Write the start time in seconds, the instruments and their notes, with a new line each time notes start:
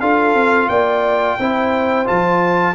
0.00 tuba D4, trombone F4, horn A4, trumpet F5
0.34 tuba C4
0.68 tuba A#3, horn D5, trumpet G5
1.38 tuba C4, trombone E4, horn C5
2.05 tuba F3, trombone F4, trumpet A5